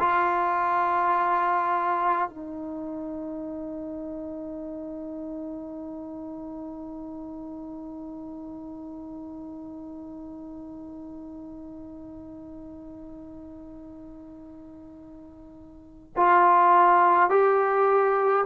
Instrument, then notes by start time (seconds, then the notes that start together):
trombone
0.00 F4
2.29 D#4
16.16 F4
17.30 G4